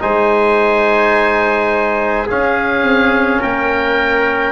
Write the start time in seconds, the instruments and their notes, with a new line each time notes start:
0.00 tuba G#3, trombone D#4, trumpet C5, oboe G#5
2.27 trombone C#4, tuba C#4, trumpet G#4, oboe F5
2.83 tuba C4
3.40 tuba A#3, trumpet A#4, oboe G5